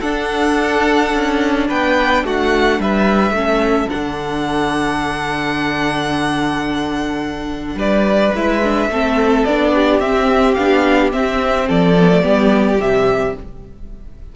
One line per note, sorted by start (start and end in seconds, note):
0.00 3.35 D4
0.00 1.13 D4
0.00 1.67 A4
0.00 1.68 F#5
1.14 1.70 C#4
1.68 2.24 B3
1.68 2.24 B4
1.68 2.25 G5
2.24 2.79 A3
2.24 2.80 F#4
2.24 2.81 F#5
2.79 3.31 G3
2.79 3.35 B4
2.79 3.89 E5
3.31 3.86 A3
3.31 3.89 C#4
3.31 7.78 A4
3.89 7.75 D3
3.89 8.33 D4
3.89 7.78 F#5
7.75 8.31 G3
7.75 8.89 B4
7.75 8.35 D5
8.34 8.88 G#3
8.34 8.62 E4
8.34 9.45 E5
8.63 8.91 D4
8.88 9.44 A3
8.88 9.48 C4
8.88 9.74 A4
9.45 10.00 B3
9.45 10.02 D4
9.45 10.00 D5
9.74 11.67 G4
10.00 10.56 C4
10.00 10.57 C4
10.00 10.54 E5
10.54 11.13 B3
10.54 11.12 D4
10.54 11.10 F5
11.12 11.95 C4
11.12 11.68 C4
11.12 11.68 E5
11.67 12.25 F3
11.67 12.22 A4
11.67 12.80 D5
12.00 12.11 B3
12.11 12.22 A3
12.22 12.79 G3
12.22 12.77 B3
12.22 13.34 G4
12.79 13.35 C3
12.79 13.34 G3
12.79 13.36 E5